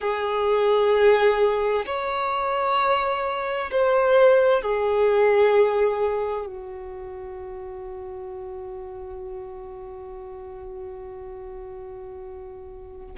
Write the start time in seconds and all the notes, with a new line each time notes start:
0.00 G#4
1.86 C#5
3.71 C5
4.62 G#4
6.46 F#4